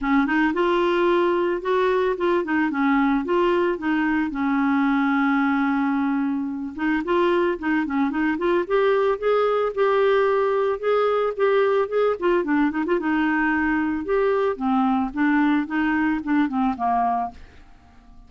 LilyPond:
\new Staff \with { instrumentName = "clarinet" } { \time 4/4 \tempo 4 = 111 cis'8 dis'8 f'2 fis'4 | f'8 dis'8 cis'4 f'4 dis'4 | cis'1~ | cis'8 dis'8 f'4 dis'8 cis'8 dis'8 f'8 |
g'4 gis'4 g'2 | gis'4 g'4 gis'8 f'8 d'8 dis'16 f'16 | dis'2 g'4 c'4 | d'4 dis'4 d'8 c'8 ais4 | }